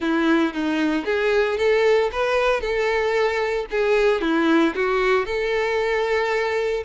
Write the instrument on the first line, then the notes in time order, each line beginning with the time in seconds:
violin
0.00 E4
0.53 D#4
1.05 G#4
1.57 A4
2.12 B4
2.61 A4
3.70 G#4
4.21 E4
4.75 F#4
5.25 A4